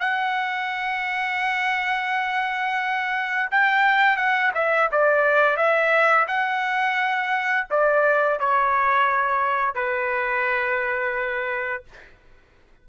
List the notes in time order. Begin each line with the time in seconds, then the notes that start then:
0.00 F#5
3.50 G5
4.16 F#5
4.54 E5
4.91 D5
5.57 E5
6.27 F#5
7.70 D5
8.39 C#5
9.74 B4